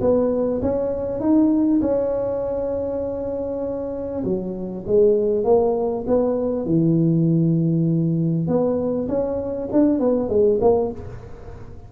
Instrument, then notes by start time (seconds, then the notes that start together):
tuba
0.00 B3
0.61 C#4
1.20 D#4
1.81 C#4
4.24 F#3
4.86 G#3
5.44 A#3
6.07 B3
6.65 E3
8.47 B3
9.08 C#4
9.72 D4
9.99 B3
10.29 G#3
10.61 A#3